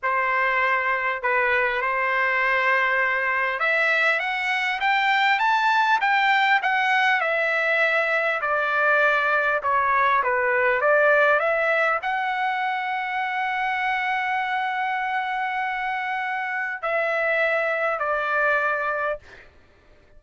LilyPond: \new Staff \with { instrumentName = "trumpet" } { \time 4/4 \tempo 4 = 100 c''2 b'4 c''4~ | c''2 e''4 fis''4 | g''4 a''4 g''4 fis''4 | e''2 d''2 |
cis''4 b'4 d''4 e''4 | fis''1~ | fis''1 | e''2 d''2 | }